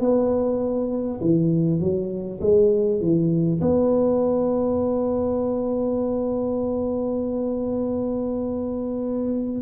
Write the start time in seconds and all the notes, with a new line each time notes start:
0.00 B3
1.21 E3
1.79 F#3
2.40 G#3
3.00 E3
3.61 B3